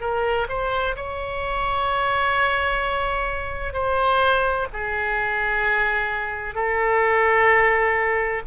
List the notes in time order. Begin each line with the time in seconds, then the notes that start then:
0.00 A#4
0.49 C5
0.96 C#5
3.73 C5
4.73 G#4
6.55 A4